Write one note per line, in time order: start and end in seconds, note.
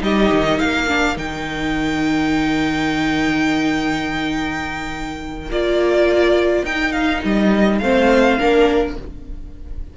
0.00 0.30 G3
0.00 0.87 D#4
0.00 0.58 G4
0.00 0.59 D#5
0.32 0.61 D#3
0.58 1.16 A#3
0.58 7.79 A#4
0.58 1.17 F5
0.87 1.15 D4
1.15 5.49 D#3
1.15 5.48 D#4
1.15 5.51 G5
5.49 6.63 A#3
5.49 6.66 F4
5.49 6.65 D5
6.63 7.20 D#4
6.63 7.82 D#4
6.63 6.92 G5
6.92 7.20 F5
7.24 7.81 G3
7.24 7.78 D#5
7.78 8.38 A3
7.78 8.38 C4
7.78 8.38 C5
7.78 8.94 F5
8.38 8.97 A#3
8.38 8.96 D4
8.38 8.96 A#4